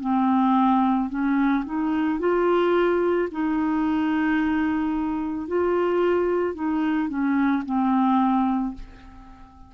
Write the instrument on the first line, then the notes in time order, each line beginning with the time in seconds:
clarinet
0.00 C4
1.10 C#4
1.65 D#4
2.20 F4
3.31 D#4
5.47 F4
6.55 D#4
7.09 C#4
7.65 C4